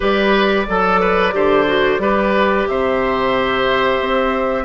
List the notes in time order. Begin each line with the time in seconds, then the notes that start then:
0.00 G3 G4 B4 D5
0.67 F#3 A4
1.00 B4
1.32 D3 G4 C5
1.66 F#4
1.98 G3 G4 B4
2.67 C3 C5 E5
4.00 C4